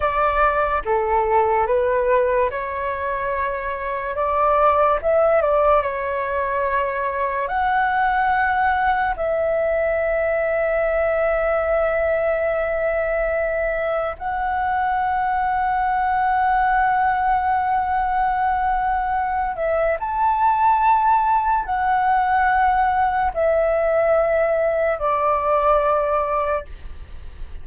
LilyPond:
\new Staff \with { instrumentName = "flute" } { \time 4/4 \tempo 4 = 72 d''4 a'4 b'4 cis''4~ | cis''4 d''4 e''8 d''8 cis''4~ | cis''4 fis''2 e''4~ | e''1~ |
e''4 fis''2.~ | fis''2.~ fis''8 e''8 | a''2 fis''2 | e''2 d''2 | }